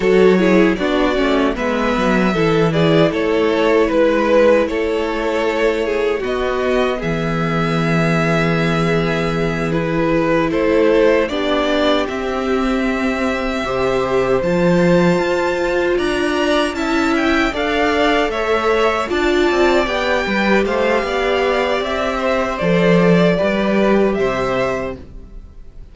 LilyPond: <<
  \new Staff \with { instrumentName = "violin" } { \time 4/4 \tempo 4 = 77 cis''4 d''4 e''4. d''8 | cis''4 b'4 cis''2 | dis''4 e''2.~ | e''8 b'4 c''4 d''4 e''8~ |
e''2~ e''8 a''4.~ | a''8 ais''4 a''8 g''8 f''4 e''8~ | e''8 a''4 g''4 f''4. | e''4 d''2 e''4 | }
  \new Staff \with { instrumentName = "violin" } { \time 4/4 a'8 gis'8 fis'4 b'4 a'8 gis'8 | a'4 b'4 a'4. gis'8 | fis'4 gis'2.~ | gis'4. a'4 g'4.~ |
g'4. c''2~ c''8~ | c''8 d''4 e''4 d''4 cis''8~ | cis''8 d''4. b'8 c''8 d''4~ | d''8 c''4. b'4 c''4 | }
  \new Staff \with { instrumentName = "viola" } { \time 4/4 fis'8 e'8 d'8 cis'8 b4 e'4~ | e'1 | b1~ | b8 e'2 d'4 c'8~ |
c'4. g'4 f'4.~ | f'4. e'4 a'4.~ | a'8 f'4 g'2~ g'8~ | g'4 a'4 g'2 | }
  \new Staff \with { instrumentName = "cello" } { \time 4/4 fis4 b8 a8 gis8 fis8 e4 | a4 gis4 a2 | b4 e2.~ | e4. a4 b4 c'8~ |
c'4. c4 f4 f'8~ | f'8 d'4 cis'4 d'4 a8~ | a8 d'8 c'8 b8 g8 a8 b4 | c'4 f4 g4 c4 | }
>>